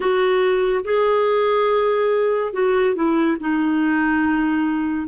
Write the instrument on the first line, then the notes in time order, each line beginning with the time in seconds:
clarinet
0.00 F#4
0.84 G#4
2.53 F#4
2.95 E4
3.40 D#4